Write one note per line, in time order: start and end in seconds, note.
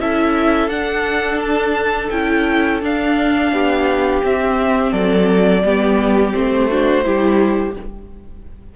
0.00 0.68 C#4
0.00 0.70 E4
0.00 3.53 A4
0.00 0.70 E5
0.68 2.10 D4
0.68 2.11 D4
0.68 1.40 F#5
1.41 2.10 A5
2.10 2.82 C#4
2.10 2.82 E4
2.10 2.81 G5
2.82 3.52 D4
2.82 4.23 D4
2.82 4.25 F5
3.52 4.23 B3
3.52 4.92 G4
4.23 5.64 C4
4.23 4.93 C4
4.23 4.93 E5
4.92 5.63 F#3
4.92 5.63 A4
4.92 6.34 D5
5.64 6.34 G3
5.64 6.34 B3
5.64 6.70 G4
6.34 7.06 A3
6.34 6.69 C4
6.34 7.75 C5
6.70 7.04 D4
6.70 7.05 F#4
7.04 7.76 G3
7.04 7.75 E4
7.04 7.76 G4